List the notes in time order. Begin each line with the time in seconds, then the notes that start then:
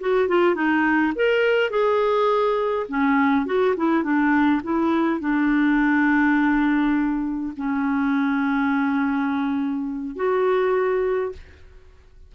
0.00 F#4
0.28 F4
0.55 D#4
1.15 A#4
1.70 G#4
2.88 C#4
3.46 F#4
3.76 E4
4.03 D4
4.63 E4
5.20 D4
7.56 C#4
10.16 F#4